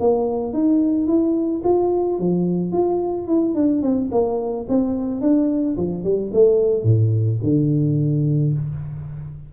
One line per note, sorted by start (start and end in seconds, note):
0.00 0.54 A#3
0.54 1.07 D#4
1.07 1.62 E4
1.64 2.19 F4
2.19 2.73 F3
2.73 3.28 F4
3.28 3.55 E4
3.55 3.83 D4
3.83 4.10 C4
4.12 4.67 A#3
4.69 5.21 C4
5.21 5.76 D4
5.77 6.04 F3
6.04 6.32 G3
6.34 6.84 A3
6.84 7.39 A2
7.43 8.53 D3